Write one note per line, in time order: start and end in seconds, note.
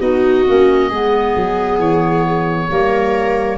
0.00 0.45 B3
0.00 0.45 D#4
0.00 0.90 F#4
0.00 1.79 D#5
0.46 0.90 A#3
0.46 0.91 C#4
0.90 1.35 G#3
0.90 2.69 B3
0.90 2.69 G#4
1.36 1.79 F#3
1.79 2.68 E3
1.79 3.59 C#5
2.69 3.59 G3
2.69 3.59 A#3
2.69 3.59 A#4